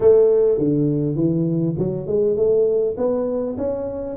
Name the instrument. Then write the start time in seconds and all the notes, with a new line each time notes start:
tuba
0.00 A3
0.58 D3
1.15 E3
1.78 F#3
2.06 G#3
2.36 A3
2.97 B3
3.57 C#4